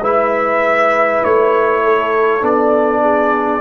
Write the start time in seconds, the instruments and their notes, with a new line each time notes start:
0.00 tuba G#3, trombone E4, horn B4, trumpet E5
1.24 tuba A3, trumpet C#5
1.83 horn A4
2.41 tuba B3, trombone D4, trumpet D5
3.02 horn G#4